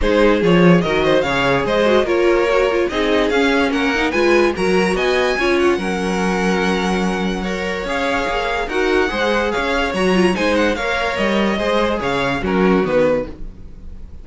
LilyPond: <<
  \new Staff \with { instrumentName = "violin" } { \time 4/4 \tempo 4 = 145 c''4 cis''4 dis''4 f''4 | dis''4 cis''2 dis''4 | f''4 fis''4 gis''4 ais''4 | gis''4. fis''2~ fis''8~ |
fis''2. f''4~ | f''4 fis''2 f''4 | ais''4 gis''8 fis''8 f''4 dis''4~ | dis''4 f''4 ais'4 b'4 | }
  \new Staff \with { instrumentName = "violin" } { \time 4/4 gis'2 ais'8 c''8 cis''4 | c''4 ais'2 gis'4~ | gis'4 ais'4 b'4 ais'4 | dis''4 cis''4 ais'2~ |
ais'2 cis''2~ | cis''4 ais'4 c''4 cis''4~ | cis''4 c''4 cis''2 | c''4 cis''4 fis'2 | }
  \new Staff \with { instrumentName = "viola" } { \time 4/4 dis'4 f'4 fis'4 gis'4~ | gis'8 fis'8 f'4 fis'8 f'8 dis'4 | cis'4. dis'8 f'4 fis'4~ | fis'4 f'4 cis'2~ |
cis'2 ais'4 gis'4~ | gis'4 fis'4 gis'2 | fis'8 f'8 dis'4 ais'2 | gis'2 cis'4 b4 | }
  \new Staff \with { instrumentName = "cello" } { \time 4/4 gis4 f4 dis4 cis4 | gis4 ais2 c'4 | cis'4 ais4 gis4 fis4 | b4 cis'4 fis2~ |
fis2. cis'4 | ais4 dis'4 gis4 cis'4 | fis4 gis4 ais4 g4 | gis4 cis4 fis4 dis4 | }
>>